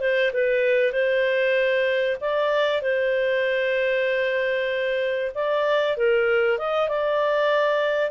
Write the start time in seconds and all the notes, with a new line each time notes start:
0.00 C5
0.33 B4
0.92 C5
2.20 D5
2.82 C5
5.35 D5
5.97 A#4
6.58 D#5
6.89 D5